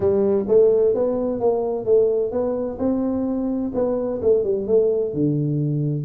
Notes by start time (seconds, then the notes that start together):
0.00 G3
0.48 A3
0.94 B3
1.40 A#3
1.85 A3
2.31 B3
2.78 C4
3.74 B3
4.21 A3
4.43 G3
4.67 A3
5.13 D3